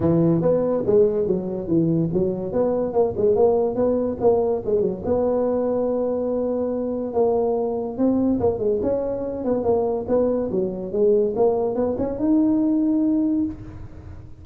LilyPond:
\new Staff \with { instrumentName = "tuba" } { \time 4/4 \tempo 4 = 143 e4 b4 gis4 fis4 | e4 fis4 b4 ais8 gis8 | ais4 b4 ais4 gis8 fis8 | b1~ |
b4 ais2 c'4 | ais8 gis8 cis'4. b8 ais4 | b4 fis4 gis4 ais4 | b8 cis'8 dis'2. | }